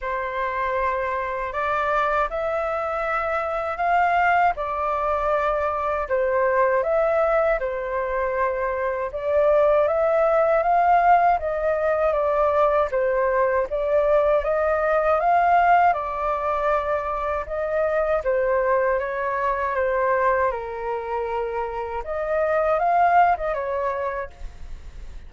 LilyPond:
\new Staff \with { instrumentName = "flute" } { \time 4/4 \tempo 4 = 79 c''2 d''4 e''4~ | e''4 f''4 d''2 | c''4 e''4 c''2 | d''4 e''4 f''4 dis''4 |
d''4 c''4 d''4 dis''4 | f''4 d''2 dis''4 | c''4 cis''4 c''4 ais'4~ | ais'4 dis''4 f''8. dis''16 cis''4 | }